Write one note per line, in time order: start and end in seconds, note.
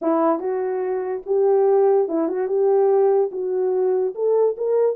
0.01 0.39 E4
0.39 1.22 F#4
1.25 2.08 G4
2.08 2.28 E4
2.28 2.47 F#4
2.47 3.30 G4
3.31 4.14 F#4
4.14 4.56 A4
4.57 4.96 A#4